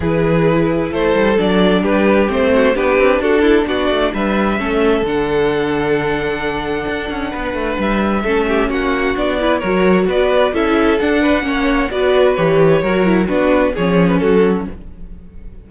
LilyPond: <<
  \new Staff \with { instrumentName = "violin" } { \time 4/4 \tempo 4 = 131 b'2 c''4 d''4 | b'4 c''4 b'4 a'4 | d''4 e''2 fis''4~ | fis''1~ |
fis''4 e''2 fis''4 | d''4 cis''4 d''4 e''4 | fis''2 d''4 cis''4~ | cis''4 b'4 cis''8. b'16 a'4 | }
  \new Staff \with { instrumentName = "violin" } { \time 4/4 gis'2 a'2 | g'4. fis'8 g'4 fis'8 e'8 | fis'4 b'4 a'2~ | a'1 |
b'2 a'8 g'8 fis'4~ | fis'8 b'8 ais'4 b'4 a'4~ | a'8 b'8 cis''4 b'2 | ais'4 fis'4 gis'4 fis'4 | }
  \new Staff \with { instrumentName = "viola" } { \time 4/4 e'2. d'4~ | d'4 c'4 d'2~ | d'2 cis'4 d'4~ | d'1~ |
d'2 cis'2 | d'8 e'8 fis'2 e'4 | d'4 cis'4 fis'4 g'4 | fis'8 e'8 d'4 cis'2 | }
  \new Staff \with { instrumentName = "cello" } { \time 4/4 e2 a8 g8 fis4 | g4 a4 b8 c'8 d'4 | b8 a8 g4 a4 d4~ | d2. d'8 cis'8 |
b8 a8 g4 a4 ais4 | b4 fis4 b4 cis'4 | d'4 ais4 b4 e4 | fis4 b4 f4 fis4 | }
>>